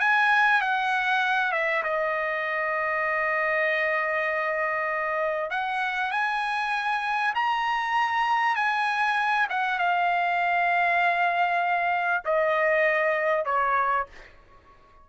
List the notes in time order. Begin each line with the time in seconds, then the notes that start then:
0.00 G#5
0.61 F#5
1.52 E5
1.83 D#5
5.50 F#5
6.11 G#5
7.35 A#5
8.55 G#5
9.50 F#5
9.79 F5
12.25 D#5
13.45 C#5